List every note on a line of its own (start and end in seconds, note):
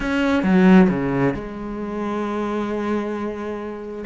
0.00 0.43 C#4
0.43 0.88 F#3
0.89 1.34 C#3
1.34 4.04 G#3